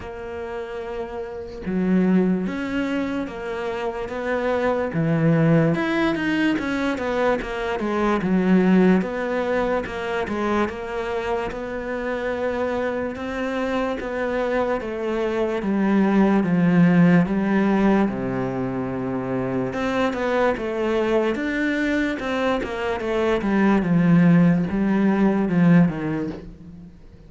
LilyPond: \new Staff \with { instrumentName = "cello" } { \time 4/4 \tempo 4 = 73 ais2 fis4 cis'4 | ais4 b4 e4 e'8 dis'8 | cis'8 b8 ais8 gis8 fis4 b4 | ais8 gis8 ais4 b2 |
c'4 b4 a4 g4 | f4 g4 c2 | c'8 b8 a4 d'4 c'8 ais8 | a8 g8 f4 g4 f8 dis8 | }